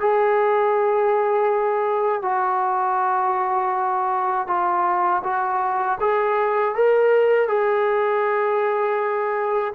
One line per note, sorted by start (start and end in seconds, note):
0.00 2.22 G#4
2.22 4.47 F#4
4.47 5.22 F4
5.23 5.98 F#4
6.00 6.75 G#4
6.75 7.48 A#4
7.48 9.73 G#4